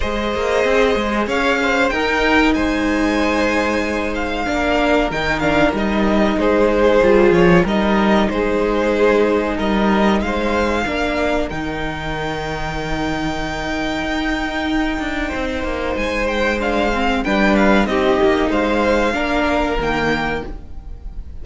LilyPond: <<
  \new Staff \with { instrumentName = "violin" } { \time 4/4 \tempo 4 = 94 dis''2 f''4 g''4 | gis''2~ gis''8 f''4. | g''8 f''8 dis''4 c''4. cis''8 | dis''4 c''2 dis''4 |
f''2 g''2~ | g''1~ | g''4 gis''8 g''8 f''4 g''8 f''8 | dis''4 f''2 g''4 | }
  \new Staff \with { instrumentName = "violin" } { \time 4/4 c''2 cis''8 c''8 ais'4 | c''2. ais'4~ | ais'2 gis'2 | ais'4 gis'2 ais'4 |
c''4 ais'2.~ | ais'1 | c''2. b'4 | g'4 c''4 ais'2 | }
  \new Staff \with { instrumentName = "viola" } { \time 4/4 gis'2. dis'4~ | dis'2. d'4 | dis'8 d'8 dis'2 f'4 | dis'1~ |
dis'4 d'4 dis'2~ | dis'1~ | dis'2 d'8 c'8 d'4 | dis'2 d'4 ais4 | }
  \new Staff \with { instrumentName = "cello" } { \time 4/4 gis8 ais8 c'8 gis8 cis'4 dis'4 | gis2. ais4 | dis4 g4 gis4 g8 f8 | g4 gis2 g4 |
gis4 ais4 dis2~ | dis2 dis'4. d'8 | c'8 ais8 gis2 g4 | c'8 ais8 gis4 ais4 dis4 | }
>>